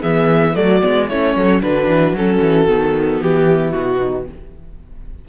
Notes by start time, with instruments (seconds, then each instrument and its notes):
0.00 cello E3, viola B3, horn G#4, violin E5
0.53 cello F#3, viola A3, horn F#4, violin D5
0.82 cello G#3, viola B3
1.08 cello A3, viola C#4, horn E4, violin C#5
1.36 cello F#3, horn A4
1.61 cello D3, viola D4, horn F#4, violin B4
1.88 cello E3
2.12 cello F#3, viola C#4, violin A4
2.41 cello E3
2.67 cello D#3, viola B3
3.20 cello E3, violin G4
3.46 horn E4
3.72 cello B2, violin F#4
3.99 horn D#4